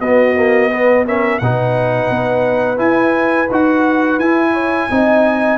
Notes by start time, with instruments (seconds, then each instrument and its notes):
0.00 tuba B3, trombone B3, horn F#4, trumpet D#5
0.36 trombone A#3
0.71 trombone B3, horn B4
1.07 trombone C#4, horn A#4, trumpet E5
1.39 tuba B2, trombone D#4, horn B4, trumpet F#5
2.10 tuba B3
2.77 trombone E4, tuba E4, trumpet G#5
3.51 tuba D#4, trombone F#4, trumpet F#5
4.18 tuba E4, trombone E4, trumpet G#5
4.52 horn C#5
4.91 tuba C4, trombone D#4, horn D#5